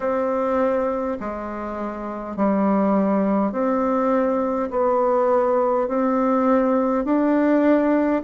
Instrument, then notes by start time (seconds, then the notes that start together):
bassoon
0.00 C4
1.20 G#3
2.36 G3
3.52 C4
4.70 B3
5.88 C4
7.04 D4